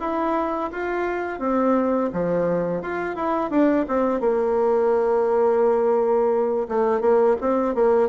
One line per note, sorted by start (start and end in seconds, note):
0.00 0.71 E4
0.72 1.39 F4
1.39 2.10 C4
2.12 2.82 F3
2.82 3.15 F4
3.15 3.50 E4
3.50 3.85 D4
3.88 4.20 C4
4.20 6.67 A#3
6.68 7.01 A3
7.01 7.36 A#3
7.41 7.75 C4
7.75 8.09 A#3